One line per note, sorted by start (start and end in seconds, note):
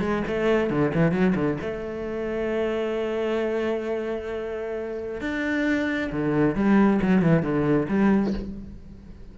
0.00 0.23 G#3
0.27 0.70 A3
0.70 0.92 D3
0.94 1.11 E3
1.11 1.34 F#3
1.35 1.58 D3
1.61 5.20 A3
5.20 6.11 D4
6.12 6.55 D3
6.55 7.00 G3
7.02 7.22 F#3
7.22 7.42 E3
7.42 7.87 D3
7.88 8.33 G3